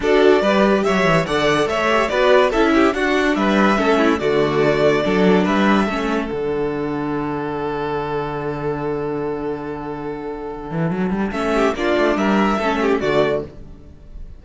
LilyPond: <<
  \new Staff \with { instrumentName = "violin" } { \time 4/4 \tempo 4 = 143 d''2 e''4 fis''4 | e''4 d''4 e''4 fis''4 | e''2 d''2~ | d''4 e''2 fis''4~ |
fis''1~ | fis''1~ | fis''2. e''4 | d''4 e''2 d''4 | }
  \new Staff \with { instrumentName = "violin" } { \time 4/4 a'4 b'4 cis''4 d''4 | cis''4 b'4 a'8 g'8 fis'4 | b'4 a'8 e'8 fis'2 | a'4 b'4 a'2~ |
a'1~ | a'1~ | a'2.~ a'8 g'8 | f'4 ais'4 a'8 g'8 fis'4 | }
  \new Staff \with { instrumentName = "viola" } { \time 4/4 fis'4 g'2 a'4~ | a'8 g'8 fis'4 e'4 d'4~ | d'4 cis'4 a2 | d'2 cis'4 d'4~ |
d'1~ | d'1~ | d'2. cis'4 | d'2 cis'4 a4 | }
  \new Staff \with { instrumentName = "cello" } { \time 4/4 d'4 g4 fis8 e8 d4 | a4 b4 cis'4 d'4 | g4 a4 d2 | fis4 g4 a4 d4~ |
d1~ | d1~ | d4. e8 fis8 g8 a4 | ais8 a8 g4 a4 d4 | }
>>